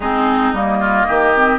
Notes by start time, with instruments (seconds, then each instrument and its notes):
0.00 bassoon G#3, clarinet C4, oboe D#4, flute G#4
0.52 bassoon G3, clarinet A#3, flute D#5
0.79 oboe F4
1.07 bassoon D#3, oboe G4
1.35 clarinet C4